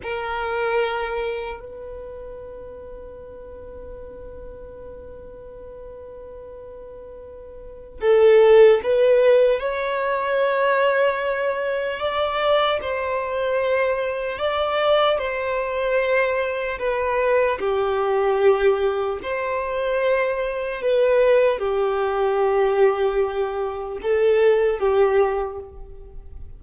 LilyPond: \new Staff \with { instrumentName = "violin" } { \time 4/4 \tempo 4 = 75 ais'2 b'2~ | b'1~ | b'2 a'4 b'4 | cis''2. d''4 |
c''2 d''4 c''4~ | c''4 b'4 g'2 | c''2 b'4 g'4~ | g'2 a'4 g'4 | }